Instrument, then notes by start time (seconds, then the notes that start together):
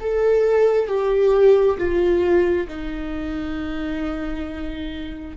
viola
0.00 A4
0.87 G4
1.77 F4
2.67 D#4